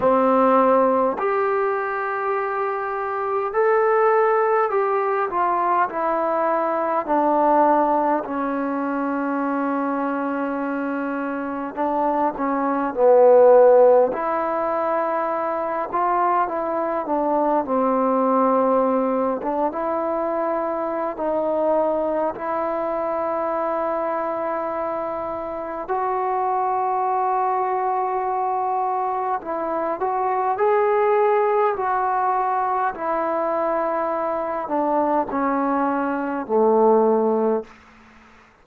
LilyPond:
\new Staff \with { instrumentName = "trombone" } { \time 4/4 \tempo 4 = 51 c'4 g'2 a'4 | g'8 f'8 e'4 d'4 cis'4~ | cis'2 d'8 cis'8 b4 | e'4. f'8 e'8 d'8 c'4~ |
c'8 d'16 e'4~ e'16 dis'4 e'4~ | e'2 fis'2~ | fis'4 e'8 fis'8 gis'4 fis'4 | e'4. d'8 cis'4 a4 | }